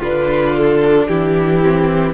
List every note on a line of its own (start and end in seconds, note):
0.00 1.08 D3
0.00 1.63 D4
0.00 1.07 F4
0.00 0.57 B4
0.58 1.08 A4
1.08 2.14 E3
1.08 2.14 E4
1.08 2.14 G4
1.63 2.14 C4